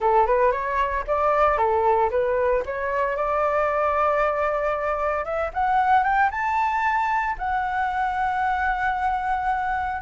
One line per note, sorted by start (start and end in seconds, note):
0.00 0.26 A4
0.26 0.51 B4
0.51 1.04 C#5
1.07 1.57 D5
1.57 2.10 A4
2.10 2.63 B4
2.65 3.16 C#5
3.16 5.24 D5
5.24 5.50 E5
5.53 6.03 F#5
6.03 6.29 G5
6.30 7.36 A5
7.38 10.01 F#5